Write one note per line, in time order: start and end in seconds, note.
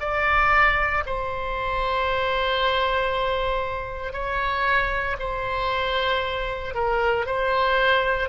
0.00 1.03 D5
1.06 4.13 C5
4.13 5.16 C#5
5.19 6.74 C5
6.74 7.26 A#4
7.26 8.29 C5